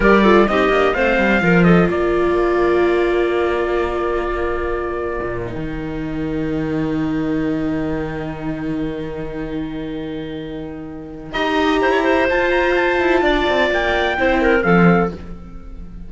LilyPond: <<
  \new Staff \with { instrumentName = "trumpet" } { \time 4/4 \tempo 4 = 127 d''4 dis''4 f''4. dis''8 | d''1~ | d''2.~ d''8 g''8~ | g''1~ |
g''1~ | g''1 | ais''2 a''8 ais''8 a''4~ | a''4 g''2 f''4 | }
  \new Staff \with { instrumentName = "clarinet" } { \time 4/4 ais'8 a'8 g'4 c''4 ais'8 a'8 | ais'1~ | ais'1~ | ais'1~ |
ais'1~ | ais'1 | dis''4 c''16 cis''16 c''2~ c''8 | d''2 c''8 ais'8 a'4 | }
  \new Staff \with { instrumentName = "viola" } { \time 4/4 g'8 f'8 dis'8 d'8 c'4 f'4~ | f'1~ | f'2.~ f'8 dis'8~ | dis'1~ |
dis'1~ | dis'1 | g'2 f'2~ | f'2 e'4 c'4 | }
  \new Staff \with { instrumentName = "cello" } { \time 4/4 g4 c'8 ais8 a8 g8 f4 | ais1~ | ais2. ais,8. dis16~ | dis1~ |
dis1~ | dis1 | dis'4 e'4 f'4. e'8 | d'8 c'8 ais4 c'4 f4 | }
>>